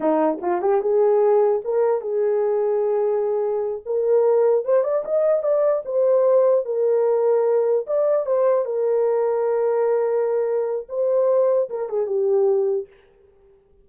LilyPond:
\new Staff \with { instrumentName = "horn" } { \time 4/4 \tempo 4 = 149 dis'4 f'8 g'8 gis'2 | ais'4 gis'2.~ | gis'4. ais'2 c''8 | d''8 dis''4 d''4 c''4.~ |
c''8 ais'2. d''8~ | d''8 c''4 ais'2~ ais'8~ | ais'2. c''4~ | c''4 ais'8 gis'8 g'2 | }